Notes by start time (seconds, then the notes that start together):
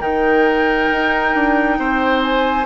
0.00 D#3 D#4 A#4 G5
0.92 D#4
1.35 D4
1.78 C4 C5
2.23 G#5